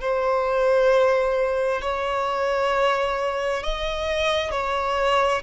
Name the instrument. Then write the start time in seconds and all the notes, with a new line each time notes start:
violin
0.00 C5
1.81 C#5
3.63 D#5
4.51 C#5